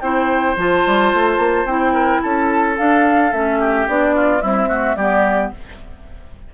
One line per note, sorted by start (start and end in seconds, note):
0.00 0.56 C4
0.00 0.57 E4
0.00 1.93 C5
0.00 0.55 G5
0.56 0.84 F3
0.56 1.67 F4
0.56 1.66 A5
0.86 1.14 G3
1.14 1.38 A3
1.38 1.64 A#3
1.64 2.19 C4
1.64 2.77 E4
1.64 2.21 G5
1.93 2.20 A#4
2.22 2.78 C#4
2.22 3.60 A4
2.22 2.77 A5
2.77 3.32 D4
2.77 3.32 F5
3.32 3.87 A3
3.32 3.88 C#4
3.32 3.87 E5
3.60 4.15 G4
3.87 4.42 B3
3.87 4.39 D4
3.87 4.41 D5
4.15 4.42 F4
4.39 4.67 G3
4.39 4.96 C4
4.39 4.68 E4
4.39 4.96 E5
4.68 4.96 A3
4.68 4.96 F#4
4.96 5.51 G3
4.96 5.54 B3
4.96 5.51 G4
4.96 5.51 D5